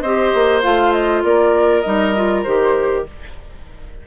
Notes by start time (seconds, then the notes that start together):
0.00 C4 G4 C5 D#5
0.34 A#3
0.62 A3 F4 F5
0.93 D#5
1.23 A#3 A#4 D5
1.81 G3 D#4 D#5
2.15 F4
2.43 D#3 G4 C5